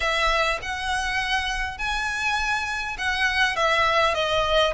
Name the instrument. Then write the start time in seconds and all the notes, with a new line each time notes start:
violin
0.00 E5
0.62 F#5
1.77 G#5
2.98 F#5
3.56 E5
4.14 D#5